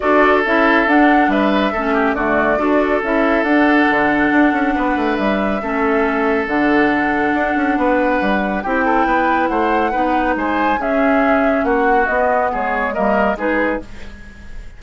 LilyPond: <<
  \new Staff \with { instrumentName = "flute" } { \time 4/4 \tempo 4 = 139 d''4 e''4 fis''4 e''4~ | e''4 d''2 e''4 | fis''1 | e''2. fis''4~ |
fis''1 | g''2 fis''2 | gis''4 e''2 fis''4 | dis''4 cis''4 dis''4 b'4 | }
  \new Staff \with { instrumentName = "oboe" } { \time 4/4 a'2. b'4 | a'8 g'8 fis'4 a'2~ | a'2. b'4~ | b'4 a'2.~ |
a'2 b'2 | g'8 a'8 b'4 c''4 b'4 | c''4 gis'2 fis'4~ | fis'4 gis'4 ais'4 gis'4 | }
  \new Staff \with { instrumentName = "clarinet" } { \time 4/4 fis'4 e'4 d'2 | cis'4 a4 fis'4 e'4 | d'1~ | d'4 cis'2 d'4~ |
d'1 | e'2. dis'4~ | dis'4 cis'2. | b2 ais4 dis'4 | }
  \new Staff \with { instrumentName = "bassoon" } { \time 4/4 d'4 cis'4 d'4 g4 | a4 d4 d'4 cis'4 | d'4 d4 d'8 cis'8 b8 a8 | g4 a2 d4~ |
d4 d'8 cis'8 b4 g4 | c'4 b4 a4 b4 | gis4 cis'2 ais4 | b4 gis4 g4 gis4 | }
>>